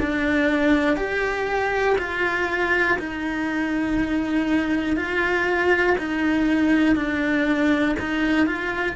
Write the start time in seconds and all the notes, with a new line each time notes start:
0.00 D4
0.97 G4
1.98 F4
2.99 D#4
4.97 F4
5.98 D#4
6.96 D4
8.00 D#4
8.47 F4